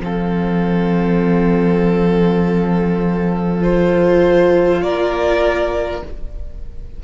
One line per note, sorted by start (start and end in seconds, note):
0.00 4.80 F3
0.00 3.60 C4
0.00 4.83 A4
0.00 3.62 F5
3.60 6.00 F4
3.60 4.82 C5
4.82 6.02 A#3
4.82 6.03 A#4
4.82 6.02 D5